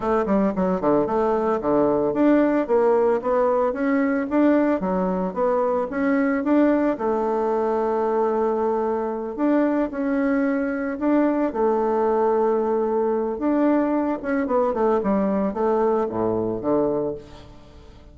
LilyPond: \new Staff \with { instrumentName = "bassoon" } { \time 4/4 \tempo 4 = 112 a8 g8 fis8 d8 a4 d4 | d'4 ais4 b4 cis'4 | d'4 fis4 b4 cis'4 | d'4 a2.~ |
a4. d'4 cis'4.~ | cis'8 d'4 a2~ a8~ | a4 d'4. cis'8 b8 a8 | g4 a4 a,4 d4 | }